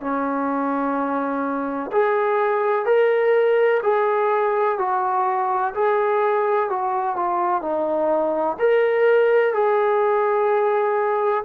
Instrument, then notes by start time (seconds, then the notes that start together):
trombone
0.00 C#4
1.92 G#4
2.85 A#4
3.83 G#4
4.78 F#4
5.74 G#4
6.69 F#4
7.16 F4
7.61 D#4
8.59 A#4
9.53 G#4